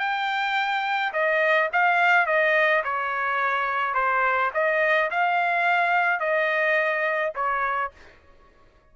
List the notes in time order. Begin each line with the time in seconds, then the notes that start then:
0.00 G5
1.13 D#5
1.73 F5
2.27 D#5
2.84 C#5
3.95 C5
4.54 D#5
5.11 F5
6.20 D#5
7.35 C#5